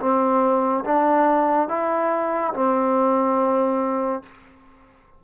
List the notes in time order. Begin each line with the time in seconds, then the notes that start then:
0.00 C4
0.85 D4
1.69 E4
2.54 C4